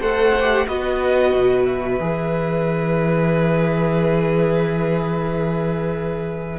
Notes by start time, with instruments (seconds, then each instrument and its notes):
0.00 cello A3, viola A4, violin C5 F#5
0.40 viola G4
0.68 cello B3, viola F#4, violin B4 D#5
1.34 cello B2
1.65 violin E5
1.99 cello E3, viola G#4